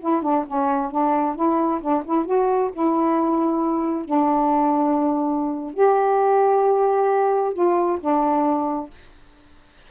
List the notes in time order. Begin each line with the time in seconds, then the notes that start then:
0.00 E4
0.22 D4
0.47 C#4
0.91 D4
1.36 E4
1.81 D4
2.05 E4
2.25 F#4
2.73 E4
4.05 D4
5.74 G4
7.54 F4
8.00 D4